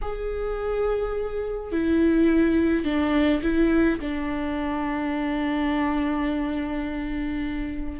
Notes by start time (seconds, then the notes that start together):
0.01 G#4
1.71 E4
2.84 D4
3.42 E4
3.99 D4